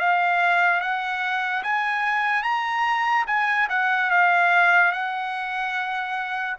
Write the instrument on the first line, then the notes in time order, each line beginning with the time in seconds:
trumpet
0.00 F5
0.81 F#5
1.63 G#5
2.43 A#5
3.27 G#5
3.70 F#5
4.11 F5
4.92 F#5